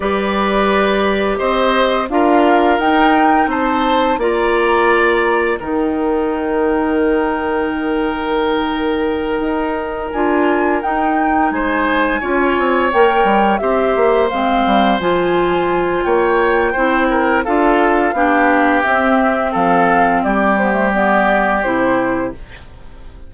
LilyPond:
<<
  \new Staff \with { instrumentName = "flute" } { \time 4/4 \tempo 4 = 86 d''2 dis''4 f''4 | g''4 a''4 ais''2 | g''1~ | g''2~ g''8 gis''4 g''8~ |
g''8 gis''2 g''4 e''8~ | e''8 f''4 gis''4. g''4~ | g''4 f''2 e''4 | f''4 d''8 c''8 d''4 c''4 | }
  \new Staff \with { instrumentName = "oboe" } { \time 4/4 b'2 c''4 ais'4~ | ais'4 c''4 d''2 | ais'1~ | ais'1~ |
ais'8 c''4 cis''2 c''8~ | c''2. cis''4 | c''8 ais'8 a'4 g'2 | a'4 g'2. | }
  \new Staff \with { instrumentName = "clarinet" } { \time 4/4 g'2. f'4 | dis'2 f'2 | dis'1~ | dis'2~ dis'8 f'4 dis'8~ |
dis'4. f'4 ais'4 g'8~ | g'8 c'4 f'2~ f'8 | e'4 f'4 d'4 c'4~ | c'4. b16 a16 b4 e'4 | }
  \new Staff \with { instrumentName = "bassoon" } { \time 4/4 g2 c'4 d'4 | dis'4 c'4 ais2 | dis1~ | dis4. dis'4 d'4 dis'8~ |
dis'8 gis4 cis'8 c'8 ais8 g8 c'8 | ais8 gis8 g8 f4. ais4 | c'4 d'4 b4 c'4 | f4 g2 c4 | }
>>